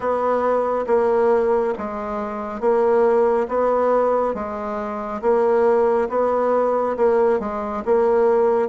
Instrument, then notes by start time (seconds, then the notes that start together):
bassoon
0.00 B3
0.86 A#3
1.77 G#3
2.60 A#3
3.48 B3
4.34 G#3
5.21 A#3
6.09 B3
6.96 A#3
7.39 G#3
7.85 A#3